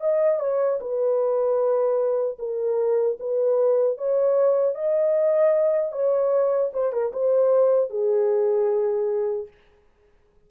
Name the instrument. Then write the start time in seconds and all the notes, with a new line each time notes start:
horn
0.00 D#5
0.39 C#5
0.80 B4
2.39 A#4
3.19 B4
3.97 C#5
4.75 D#5
5.92 C#5
6.73 C5
6.92 A#4
7.12 C5
7.89 G#4